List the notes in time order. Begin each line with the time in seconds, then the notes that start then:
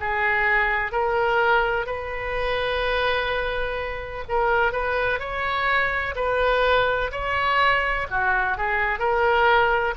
0.00 G#4
0.92 A#4
1.86 B4
4.29 A#4
4.72 B4
5.19 C#5
6.15 B4
7.11 C#5
8.10 F#4
8.57 G#4
8.99 A#4